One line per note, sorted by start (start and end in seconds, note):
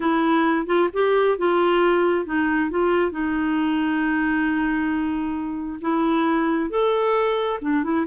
0.00 0.66 E4
0.66 0.89 F4
0.93 1.38 G4
1.38 2.25 F4
2.25 2.70 D#4
2.70 3.11 F4
3.11 5.79 D#4
5.81 6.70 E4
6.70 7.59 A4
7.61 7.83 D4
7.83 8.06 E4